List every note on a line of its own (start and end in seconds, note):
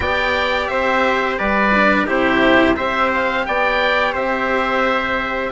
0.00 0.68 B3
0.00 1.71 G4
0.00 0.70 D5
0.00 0.67 G5
0.67 1.38 C4
0.67 1.39 C5
0.67 1.36 E5
1.38 2.08 G3
1.38 2.06 B4
1.38 2.07 D5
1.74 2.06 D4
2.06 2.77 C3
2.06 2.75 E4
2.06 2.75 G4
2.06 2.76 C5
2.76 3.46 C4
2.76 5.51 G4
2.76 3.45 C5
2.76 3.10 E5
3.14 3.45 F5
3.45 4.14 B3
3.45 4.13 D5
3.45 4.14 G5
4.13 5.51 C4
4.13 5.51 C5
4.13 5.51 E5